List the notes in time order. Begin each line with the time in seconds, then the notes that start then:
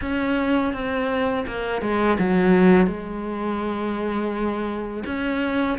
0.01 C#4
0.73 C4
1.46 A#3
1.81 G#3
2.19 F#3
2.86 G#3
5.05 C#4